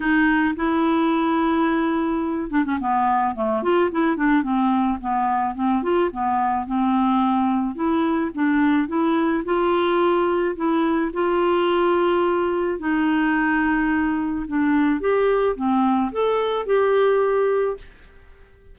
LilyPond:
\new Staff \with { instrumentName = "clarinet" } { \time 4/4 \tempo 4 = 108 dis'4 e'2.~ | e'8 d'16 cis'16 b4 a8 f'8 e'8 d'8 | c'4 b4 c'8 f'8 b4 | c'2 e'4 d'4 |
e'4 f'2 e'4 | f'2. dis'4~ | dis'2 d'4 g'4 | c'4 a'4 g'2 | }